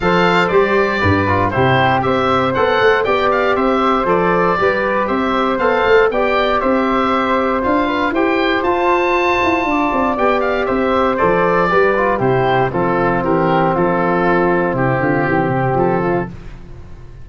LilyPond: <<
  \new Staff \with { instrumentName = "oboe" } { \time 4/4 \tempo 4 = 118 f''4 d''2 c''4 | e''4 fis''4 g''8 f''8 e''4 | d''2 e''4 f''4 | g''4 e''2 f''4 |
g''4 a''2. | g''8 f''8 e''4 d''2 | c''4 a'4 ais'4 a'4~ | a'4 g'2 a'4 | }
  \new Staff \with { instrumentName = "flute" } { \time 4/4 c''2 b'4 g'4 | c''2 d''4 c''4~ | c''4 b'4 c''2 | d''4 c''2~ c''8 b'8 |
c''2. d''4~ | d''4 c''2 b'4 | g'4 f'4 g'4 f'4~ | f'4 e'8 f'8 g'4. f'8 | }
  \new Staff \with { instrumentName = "trombone" } { \time 4/4 a'4 g'4. f'8 e'4 | g'4 a'4 g'2 | a'4 g'2 a'4 | g'2. f'4 |
g'4 f'2. | g'2 a'4 g'8 f'8 | e'4 c'2.~ | c'1 | }
  \new Staff \with { instrumentName = "tuba" } { \time 4/4 f4 g4 g,4 c4 | c'4 b8 a8 b4 c'4 | f4 g4 c'4 b8 a8 | b4 c'2 d'4 |
e'4 f'4. e'8 d'8 c'8 | b4 c'4 f4 g4 | c4 f4 e4 f4~ | f4 c8 d8 e8 c8 f4 | }
>>